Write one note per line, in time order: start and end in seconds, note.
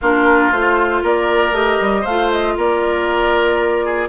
0.01 0.51 A#3
0.01 0.52 D4
0.01 1.03 F4
0.01 0.52 A#4
0.51 1.02 A3
0.51 1.53 F4
0.51 1.03 C5
1.03 1.52 A#3
1.03 2.01 A#4
1.03 1.55 D5
1.52 1.77 A3
1.52 2.04 G4
1.52 2.05 D#5
1.80 2.05 G3
2.01 2.56 A3
2.01 2.52 C5
2.01 2.31 F5
2.09 4.08 F4
2.31 2.57 D#5
2.57 4.08 A#3
2.57 3.85 A#4
2.57 4.08 D5
3.85 4.08 G#4